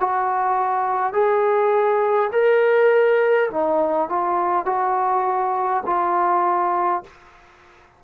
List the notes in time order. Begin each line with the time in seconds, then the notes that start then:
0.00 F#4
1.13 G#4
2.32 A#4
3.50 D#4
4.09 F4
4.66 F#4
5.86 F4